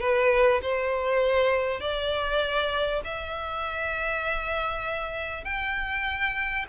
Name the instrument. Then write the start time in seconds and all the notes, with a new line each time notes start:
violin
0.00 B4
0.62 C5
1.80 D5
3.04 E5
5.44 G5